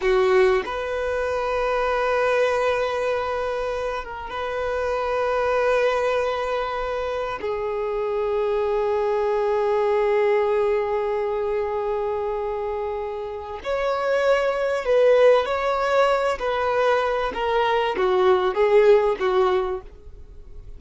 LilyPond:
\new Staff \with { instrumentName = "violin" } { \time 4/4 \tempo 4 = 97 fis'4 b'2.~ | b'2~ b'8 ais'8 b'4~ | b'1 | gis'1~ |
gis'1~ | gis'2 cis''2 | b'4 cis''4. b'4. | ais'4 fis'4 gis'4 fis'4 | }